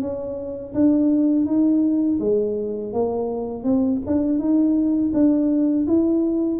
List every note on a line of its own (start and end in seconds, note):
0.00 0.73 C#4
0.74 1.45 D4
1.45 2.19 D#4
2.20 2.93 G#3
2.93 3.64 A#3
3.64 4.00 C4
4.06 4.39 D4
4.39 5.12 D#4
5.13 5.86 D4
5.87 6.60 E4